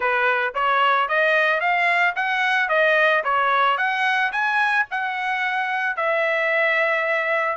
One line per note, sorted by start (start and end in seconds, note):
0.00 0.54 B4
0.54 1.08 C#5
1.08 1.60 D#5
1.60 2.14 F5
2.15 2.69 F#5
2.69 3.23 D#5
3.24 3.77 C#5
3.77 4.31 F#5
4.32 4.86 G#5
4.90 5.96 F#5
5.96 7.57 E5